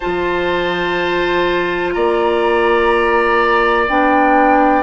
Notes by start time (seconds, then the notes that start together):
0.00 F3 F4 C5 A5
1.92 A#3 D5 A#5
3.89 B3 D4 G5